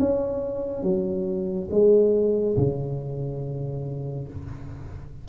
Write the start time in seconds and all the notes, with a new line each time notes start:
0.00 C#4
0.83 F#3
1.71 G#3
2.57 C#3